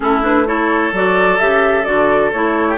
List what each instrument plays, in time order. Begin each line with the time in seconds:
0.00 bassoon A3, clarinet C#4, oboe E4, flute A4
0.22 clarinet D4, flute B4
0.46 clarinet E4, oboe A4, flute C#5
0.92 bassoon F#3, clarinet F#4, flute D5
1.38 bassoon C#3, clarinet G4, flute E5
1.84 bassoon D3, clarinet F#4, flute D5
2.32 bassoon A3, clarinet E4, flute C#5
2.67 oboe G4